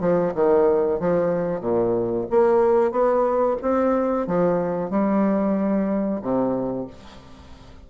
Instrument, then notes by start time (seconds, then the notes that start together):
bassoon
0.00 F3
0.34 D#3
1.00 F3
1.61 A#2
2.30 A#3
2.91 B3
3.62 C4
4.27 F3
4.90 G3
6.22 C3